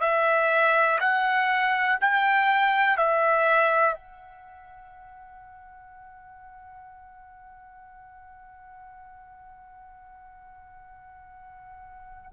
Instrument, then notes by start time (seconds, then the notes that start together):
trumpet
0.00 E5
1.00 F#5
2.00 G5
2.97 E5
3.94 F#5